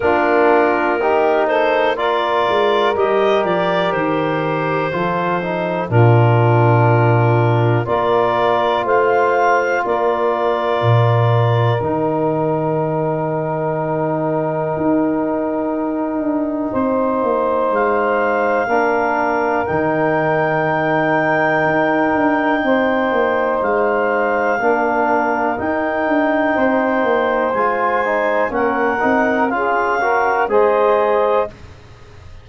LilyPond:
<<
  \new Staff \with { instrumentName = "clarinet" } { \time 4/4 \tempo 4 = 61 ais'4. c''8 d''4 dis''8 d''8 | c''2 ais'2 | d''4 f''4 d''2 | g''1~ |
g''2 f''2 | g''1 | f''2 g''2 | gis''4 fis''4 f''4 dis''4 | }
  \new Staff \with { instrumentName = "saxophone" } { \time 4/4 f'4 g'8 a'8 ais'2~ | ais'4 a'4 f'2 | ais'4 c''4 ais'2~ | ais'1~ |
ais'4 c''2 ais'4~ | ais'2. c''4~ | c''4 ais'2 c''4~ | c''4 ais'4 gis'8 ais'8 c''4 | }
  \new Staff \with { instrumentName = "trombone" } { \time 4/4 d'4 dis'4 f'4 g'4~ | g'4 f'8 dis'8 d'2 | f'1 | dis'1~ |
dis'2. d'4 | dis'1~ | dis'4 d'4 dis'2 | f'8 dis'8 cis'8 dis'8 f'8 fis'8 gis'4 | }
  \new Staff \with { instrumentName = "tuba" } { \time 4/4 ais2~ ais8 gis8 g8 f8 | dis4 f4 ais,2 | ais4 a4 ais4 ais,4 | dis2. dis'4~ |
dis'8 d'8 c'8 ais8 gis4 ais4 | dis2 dis'8 d'8 c'8 ais8 | gis4 ais4 dis'8 d'8 c'8 ais8 | gis4 ais8 c'8 cis'4 gis4 | }
>>